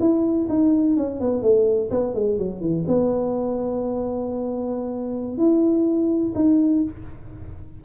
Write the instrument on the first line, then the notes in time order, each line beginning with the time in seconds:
tuba
0.00 E4
0.49 D#4
0.97 C#4
1.20 B3
1.42 A3
1.90 B3
2.14 G#3
2.38 F#3
2.61 E3
2.88 B3
5.37 E4
6.35 D#4